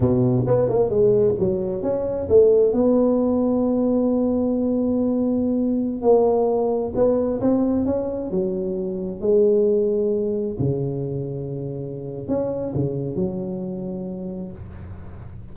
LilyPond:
\new Staff \with { instrumentName = "tuba" } { \time 4/4 \tempo 4 = 132 b,4 b8 ais8 gis4 fis4 | cis'4 a4 b2~ | b1~ | b4~ b16 ais2 b8.~ |
b16 c'4 cis'4 fis4.~ fis16~ | fis16 gis2. cis8.~ | cis2. cis'4 | cis4 fis2. | }